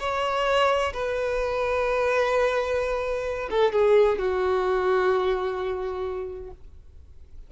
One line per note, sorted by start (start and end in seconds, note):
0.00 0.93 C#5
0.94 3.49 B4
3.51 3.73 A4
3.73 4.19 G#4
4.19 6.51 F#4